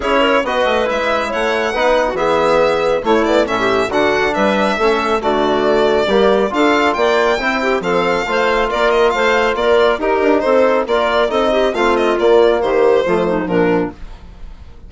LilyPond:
<<
  \new Staff \with { instrumentName = "violin" } { \time 4/4 \tempo 4 = 138 cis''4 dis''4 e''4 fis''4~ | fis''4 e''2 cis''8 d''8 | e''4 fis''4 e''2 | d''2. f''4 |
g''2 f''2 | d''8 dis''8 f''4 d''4 ais'4 | c''4 d''4 dis''4 f''8 dis''8 | d''4 c''2 ais'4 | }
  \new Staff \with { instrumentName = "clarinet" } { \time 4/4 gis'8 ais'8 b'2 cis''4 | b'8. fis'16 gis'2 e'4 | a'16 g'8. fis'4 b'4 a'4 | fis'2 g'4 a'4 |
d''4 c''8 g'8 a'4 c''4 | ais'4 c''4 ais'4 g'4 | a'4 ais'4 a'8 g'8 f'4~ | f'4 g'4 f'8 dis'8 d'4 | }
  \new Staff \with { instrumentName = "trombone" } { \time 4/4 e'4 fis'4 e'2 | dis'4 b2 a8 b8 | cis'4 d'2 cis'4 | a2 ais4 f'4~ |
f'4 e'4 c'4 f'4~ | f'2. dis'4~ | dis'4 f'4 dis'4 c'4 | ais2 a4 f4 | }
  \new Staff \with { instrumentName = "bassoon" } { \time 4/4 cis'4 b8 a8 gis4 a4 | b4 e2 a4 | a,4 d4 g4 a4 | d2 g4 d'4 |
ais4 c'4 f4 a4 | ais4 a4 ais4 dis'8 d'8 | c'4 ais4 c'4 a4 | ais4 dis4 f4 ais,4 | }
>>